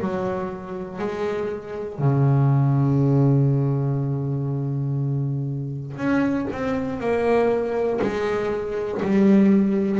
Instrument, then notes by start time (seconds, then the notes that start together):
double bass
0.00 F#3
0.99 G#3
1.99 C#3
5.97 C#4
6.52 C4
7.00 A#3
8.01 G#3
9.02 G3